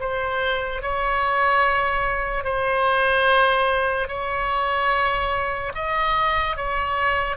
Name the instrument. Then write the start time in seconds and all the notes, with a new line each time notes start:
oboe
0.00 C5
0.82 C#5
2.44 C5
4.08 C#5
5.75 D#5
6.56 C#5